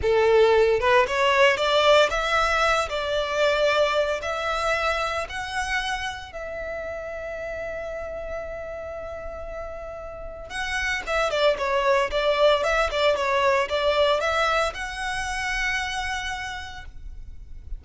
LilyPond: \new Staff \with { instrumentName = "violin" } { \time 4/4 \tempo 4 = 114 a'4. b'8 cis''4 d''4 | e''4. d''2~ d''8 | e''2 fis''2 | e''1~ |
e''1 | fis''4 e''8 d''8 cis''4 d''4 | e''8 d''8 cis''4 d''4 e''4 | fis''1 | }